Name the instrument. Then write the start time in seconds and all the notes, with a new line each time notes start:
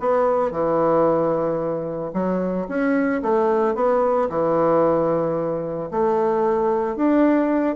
bassoon
0.00 B3
0.51 E3
2.14 F#3
2.69 C#4
3.22 A3
3.75 B3
4.30 E3
5.91 A3
6.96 D4